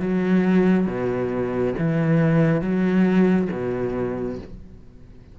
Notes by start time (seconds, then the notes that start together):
0.00 F#3
0.87 B2
1.78 E3
2.62 F#3
3.52 B2